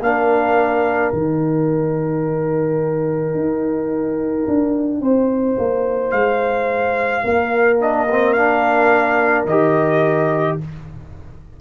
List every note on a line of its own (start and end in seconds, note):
0.00 1.11 A#3
0.00 1.13 D4
0.00 5.01 A#4
0.00 1.13 F5
1.13 3.35 D#3
1.13 7.80 D#4
1.13 6.11 G5
3.35 4.46 D#4
4.48 5.01 D4
5.01 5.56 C4
5.01 7.23 C5
5.58 6.12 A#3
6.11 7.23 G#3
6.11 7.77 F5
7.24 9.45 A#3
7.24 10.57 A#4
7.80 8.08 D4
7.80 8.33 D#5
8.10 8.37 C4
8.33 9.48 D4
8.33 9.44 F5
9.45 10.56 D#3
9.45 10.61 G4
9.45 10.58 D#5